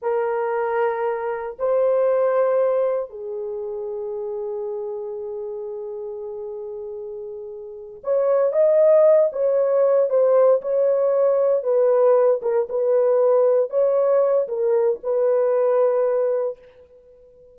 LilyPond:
\new Staff \with { instrumentName = "horn" } { \time 4/4 \tempo 4 = 116 ais'2. c''4~ | c''2 gis'2~ | gis'1~ | gis'2.~ gis'8 cis''8~ |
cis''8 dis''4. cis''4. c''8~ | c''8 cis''2 b'4. | ais'8 b'2 cis''4. | ais'4 b'2. | }